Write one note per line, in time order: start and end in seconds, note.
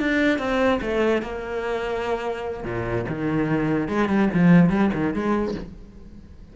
0.00 0.39 D4
0.39 0.80 C4
0.82 1.23 A3
1.23 2.64 A#3
2.64 3.05 A#2
3.09 3.88 D#3
3.88 4.09 G#3
4.09 4.29 G3
4.34 4.70 F3
4.70 4.91 G3
4.94 5.14 D#3
5.14 5.55 G#3